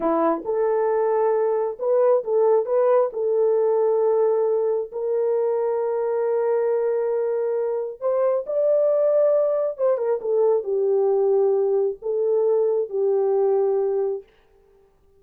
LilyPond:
\new Staff \with { instrumentName = "horn" } { \time 4/4 \tempo 4 = 135 e'4 a'2. | b'4 a'4 b'4 a'4~ | a'2. ais'4~ | ais'1~ |
ais'2 c''4 d''4~ | d''2 c''8 ais'8 a'4 | g'2. a'4~ | a'4 g'2. | }